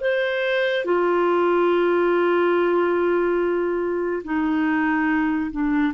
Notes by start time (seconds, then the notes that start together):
0.00 C5
0.85 F4
4.24 D#4
5.51 D4